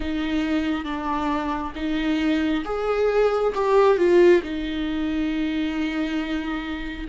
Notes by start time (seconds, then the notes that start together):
0.00 D#4
0.84 D4
1.75 D#4
2.65 G#4
3.55 G4
3.97 F4
4.42 D#4